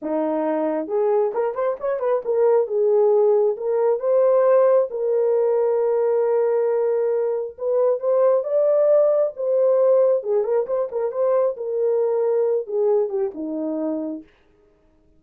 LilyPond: \new Staff \with { instrumentName = "horn" } { \time 4/4 \tempo 4 = 135 dis'2 gis'4 ais'8 c''8 | cis''8 b'8 ais'4 gis'2 | ais'4 c''2 ais'4~ | ais'1~ |
ais'4 b'4 c''4 d''4~ | d''4 c''2 gis'8 ais'8 | c''8 ais'8 c''4 ais'2~ | ais'8 gis'4 g'8 dis'2 | }